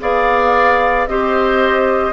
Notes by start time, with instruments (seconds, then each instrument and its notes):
0.00 bassoon B3, clarinet G#4, oboe D5, flute F5
1.07 bassoon C4, clarinet G4, oboe C5, flute D#5